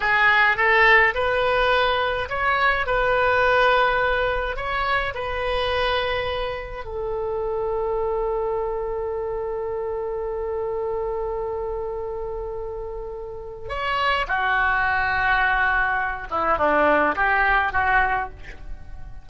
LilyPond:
\new Staff \with { instrumentName = "oboe" } { \time 4/4 \tempo 4 = 105 gis'4 a'4 b'2 | cis''4 b'2. | cis''4 b'2. | a'1~ |
a'1~ | a'1 | cis''4 fis'2.~ | fis'8 e'8 d'4 g'4 fis'4 | }